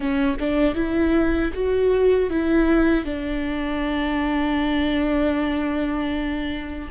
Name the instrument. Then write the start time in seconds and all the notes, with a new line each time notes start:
viola
0.00 C#4
0.39 D4
0.74 E4
1.53 F#4
2.29 E4
3.05 D4